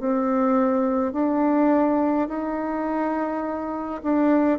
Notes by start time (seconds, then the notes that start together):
0.00 C4
1.13 D4
2.29 D#4
4.03 D4